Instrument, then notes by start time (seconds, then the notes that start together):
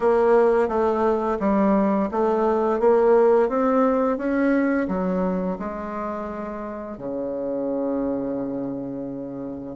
bassoon
0.00 A#3
0.68 A3
1.39 G3
2.11 A3
2.79 A#3
3.48 C4
4.17 C#4
4.88 F#3
5.58 G#3
6.97 C#3